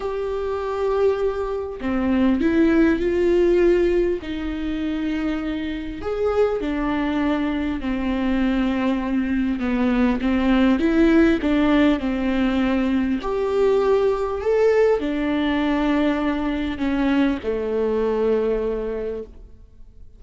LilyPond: \new Staff \with { instrumentName = "viola" } { \time 4/4 \tempo 4 = 100 g'2. c'4 | e'4 f'2 dis'4~ | dis'2 gis'4 d'4~ | d'4 c'2. |
b4 c'4 e'4 d'4 | c'2 g'2 | a'4 d'2. | cis'4 a2. | }